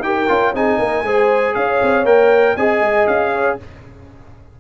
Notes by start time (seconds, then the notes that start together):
0.00 D#4 G4 G5
0.06 A#4
0.29 C#4 F4
0.54 C4 D#4 G#4 G#5
0.79 A#3 A#4
1.03 G#3 G#4 C5
1.55 C#4 C#5 F5
1.83 C4
2.06 A#3 A#4 G5
2.56 C4 G#4 D#5 G#5
2.81 G#3
3.07 C#4 F5
3.33 C#5